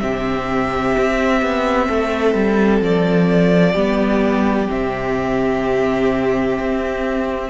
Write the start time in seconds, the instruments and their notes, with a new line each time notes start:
0.00 cello C3, viola C4, violin G4 E5
0.98 cello C4
1.42 cello B3
1.88 cello A3, violin A4
2.35 cello G3
2.81 cello F3, violin D5
3.73 cello G3, viola B3, violin G4
4.68 cello C3, viola C4, violin E5
6.60 cello C4